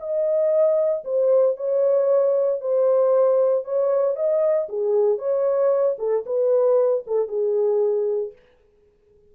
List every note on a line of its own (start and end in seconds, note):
0.00 1.04 D#5
1.05 1.57 C5
1.57 2.61 C#5
2.61 3.65 C5
3.65 4.16 C#5
4.16 4.68 D#5
4.69 5.19 G#4
5.19 5.97 C#5
5.99 6.25 A4
6.26 7.04 B4
7.07 7.29 A4
7.29 8.33 G#4